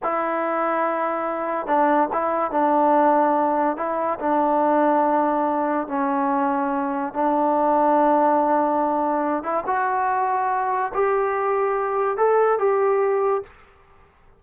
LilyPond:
\new Staff \with { instrumentName = "trombone" } { \time 4/4 \tempo 4 = 143 e'1 | d'4 e'4 d'2~ | d'4 e'4 d'2~ | d'2 cis'2~ |
cis'4 d'2.~ | d'2~ d'8 e'8 fis'4~ | fis'2 g'2~ | g'4 a'4 g'2 | }